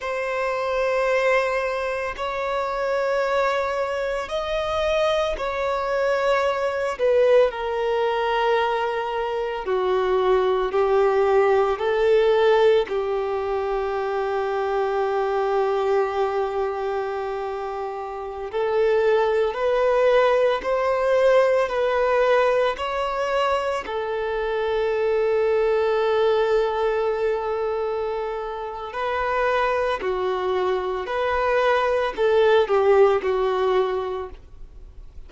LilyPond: \new Staff \with { instrumentName = "violin" } { \time 4/4 \tempo 4 = 56 c''2 cis''2 | dis''4 cis''4. b'8 ais'4~ | ais'4 fis'4 g'4 a'4 | g'1~ |
g'4~ g'16 a'4 b'4 c''8.~ | c''16 b'4 cis''4 a'4.~ a'16~ | a'2. b'4 | fis'4 b'4 a'8 g'8 fis'4 | }